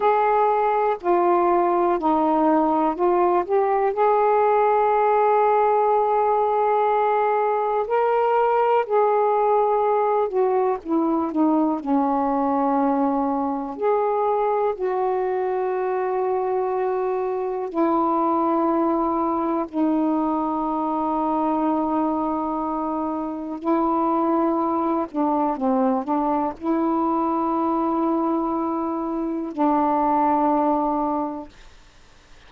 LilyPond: \new Staff \with { instrumentName = "saxophone" } { \time 4/4 \tempo 4 = 61 gis'4 f'4 dis'4 f'8 g'8 | gis'1 | ais'4 gis'4. fis'8 e'8 dis'8 | cis'2 gis'4 fis'4~ |
fis'2 e'2 | dis'1 | e'4. d'8 c'8 d'8 e'4~ | e'2 d'2 | }